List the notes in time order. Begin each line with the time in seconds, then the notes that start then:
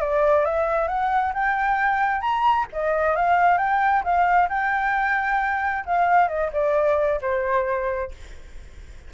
0.00 D5
0.45 E5
0.88 F#5
1.34 G5
2.21 A#5
2.72 D#5
3.16 F5
3.58 G5
4.04 F5
4.49 G5
5.86 F5
6.28 D#5
6.52 D5
7.21 C5